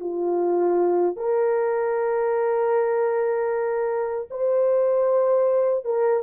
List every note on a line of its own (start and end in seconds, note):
0.00 1.16 F4
1.16 4.28 A#4
4.31 5.85 C5
5.85 6.23 A#4